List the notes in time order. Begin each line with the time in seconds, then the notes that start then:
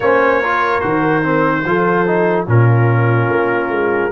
0.00 A#3 C#4 C5 C#5
0.41 F4 A#4
0.80 D#3 F#4 C5
1.22 C4
1.64 F3 F4 A4
2.06 D#4
2.46 A#2 C#4 F4 A#4
3.29 A#3
3.69 G#3